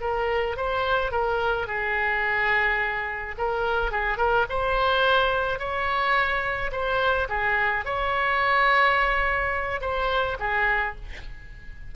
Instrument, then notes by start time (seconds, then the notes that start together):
oboe
0.00 A#4
0.56 C5
1.11 A#4
1.67 G#4
3.37 A#4
3.91 G#4
4.17 A#4
4.49 C5
5.59 C#5
6.72 C5
7.29 G#4
7.85 C#5
9.81 C5
10.39 G#4